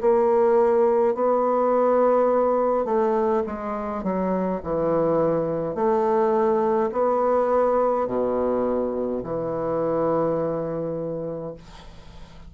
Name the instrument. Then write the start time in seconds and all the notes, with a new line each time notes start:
bassoon
0.00 A#3
1.14 B3
2.85 A3
3.46 G#3
4.03 F#3
4.63 E3
5.74 A3
6.92 B3
8.07 B2
9.23 E3